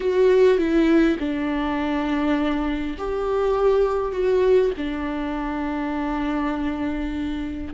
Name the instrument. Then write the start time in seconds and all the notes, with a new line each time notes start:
viola
0.00 F#4
0.58 E4
1.19 D4
2.98 G4
4.12 F#4
4.77 D4